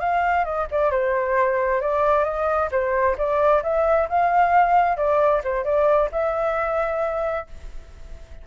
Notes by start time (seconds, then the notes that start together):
0.00 F5
0.45 D#5
0.71 D5
0.91 C5
1.81 D5
2.24 D#5
2.71 C5
3.18 D5
3.63 E5
4.09 F5
4.97 D5
5.44 C5
5.65 D5
6.12 E5